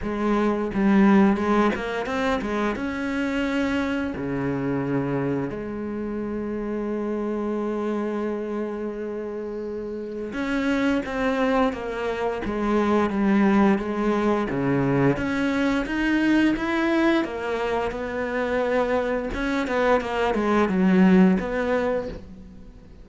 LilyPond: \new Staff \with { instrumentName = "cello" } { \time 4/4 \tempo 4 = 87 gis4 g4 gis8 ais8 c'8 gis8 | cis'2 cis2 | gis1~ | gis2. cis'4 |
c'4 ais4 gis4 g4 | gis4 cis4 cis'4 dis'4 | e'4 ais4 b2 | cis'8 b8 ais8 gis8 fis4 b4 | }